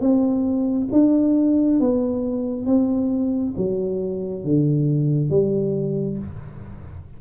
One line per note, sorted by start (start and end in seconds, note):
0.00 0.88 C4
0.92 1.80 D4
1.80 2.66 B3
2.66 3.54 C4
3.57 4.44 F#3
4.44 5.29 D3
5.29 6.18 G3